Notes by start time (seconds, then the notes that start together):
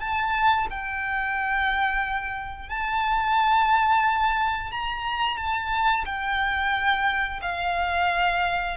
0.00 A5
0.70 G5
2.69 A5
4.72 A#5
5.37 A5
6.05 G5
7.42 F5